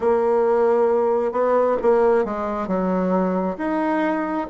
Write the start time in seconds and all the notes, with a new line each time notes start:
0.00 A#3
1.32 B3
1.82 A#3
2.24 G#3
2.67 F#3
3.57 D#4